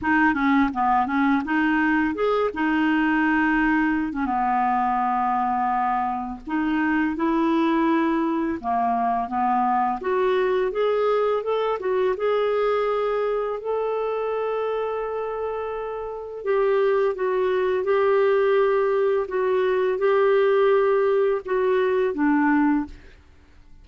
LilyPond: \new Staff \with { instrumentName = "clarinet" } { \time 4/4 \tempo 4 = 84 dis'8 cis'8 b8 cis'8 dis'4 gis'8 dis'8~ | dis'4.~ dis'16 cis'16 b2~ | b4 dis'4 e'2 | ais4 b4 fis'4 gis'4 |
a'8 fis'8 gis'2 a'4~ | a'2. g'4 | fis'4 g'2 fis'4 | g'2 fis'4 d'4 | }